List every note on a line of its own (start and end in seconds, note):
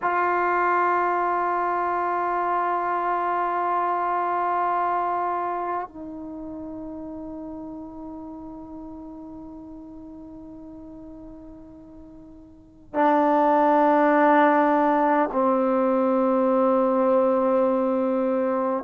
0.02 5.88 F4
5.88 12.94 D#4
12.94 15.29 D4
15.32 18.83 C4